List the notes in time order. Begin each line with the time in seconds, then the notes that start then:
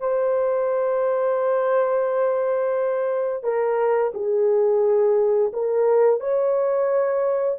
0.00 C5
3.44 A#4
4.14 G#4
5.53 A#4
6.21 C#5